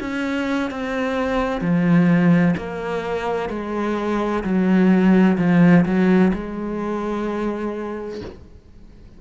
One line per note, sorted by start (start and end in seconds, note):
0.00 0.70 C#4
0.70 1.61 C4
1.61 2.54 F3
2.57 3.49 A#3
3.49 4.43 G#3
4.44 5.37 F#3
5.38 5.85 F3
5.85 6.32 F#3
6.33 8.21 G#3